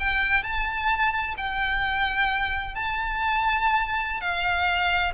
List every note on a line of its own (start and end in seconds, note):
0.00 0.44 G5
0.44 1.35 A5
1.38 2.75 G5
2.75 4.21 A5
4.21 5.13 F5